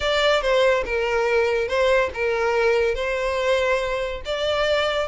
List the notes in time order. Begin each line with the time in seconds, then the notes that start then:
0.00 D5
0.41 C5
0.85 A#4
1.67 C5
2.14 A#4
2.94 C5
4.25 D5